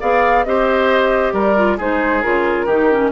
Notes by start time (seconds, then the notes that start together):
0.00 B3 G#4 D5 F5
0.44 C4 G4 C5 D#5
1.32 G3 A#4 D5
1.56 F4
1.77 G#3 D#4 G#4 C5
2.21 C#3 F4 A#4
2.66 D#3 D#4 G4
2.91 C#4